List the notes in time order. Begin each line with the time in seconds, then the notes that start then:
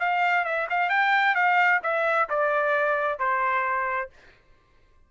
0.00 F5
0.45 E5
0.70 F5
0.90 G5
1.35 F5
1.83 E5
2.30 D5
3.19 C5